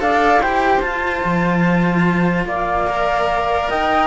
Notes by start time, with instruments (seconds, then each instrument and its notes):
0.00 cello D4 A4, flute D5 F5
0.37 cello E4 G4, flute C5 G5
0.81 cello F4, flute A5
1.25 cello F3
2.45 cello A#3, flute D5 F5
2.87 cello A#4
3.70 cello D#4, flute D#5 G5